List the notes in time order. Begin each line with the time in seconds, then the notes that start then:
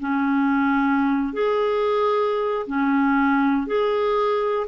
0.00 C#4
1.33 G#4
2.67 C#4
3.67 G#4